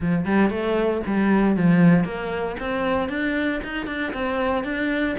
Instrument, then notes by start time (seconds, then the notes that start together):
cello
0.00 F3
0.25 G3
0.49 A3
1.06 G3
1.56 F3
2.04 A#3
2.59 C4
3.08 D4
3.63 D#4
3.86 D4
4.13 C4
4.64 D4